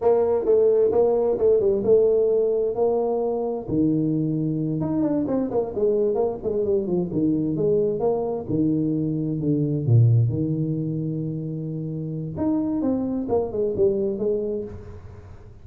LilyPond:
\new Staff \with { instrumentName = "tuba" } { \time 4/4 \tempo 4 = 131 ais4 a4 ais4 a8 g8 | a2 ais2 | dis2~ dis8 dis'8 d'8 c'8 | ais8 gis4 ais8 gis8 g8 f8 dis8~ |
dis8 gis4 ais4 dis4.~ | dis8 d4 ais,4 dis4.~ | dis2. dis'4 | c'4 ais8 gis8 g4 gis4 | }